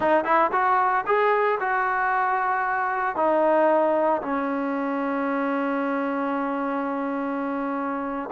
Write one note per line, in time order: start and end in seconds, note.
0.00 0.24 D#4
0.24 0.50 E4
0.52 1.04 F#4
1.06 1.59 G#4
1.60 3.16 F#4
3.16 4.21 D#4
4.22 8.29 C#4